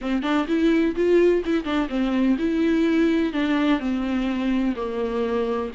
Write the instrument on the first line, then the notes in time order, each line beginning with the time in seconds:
viola
0.01 C4
0.22 D4
0.47 E4
0.95 F4
1.45 E4
1.64 D4
1.89 C4
2.38 E4
3.32 D4
3.79 C4
4.76 A#3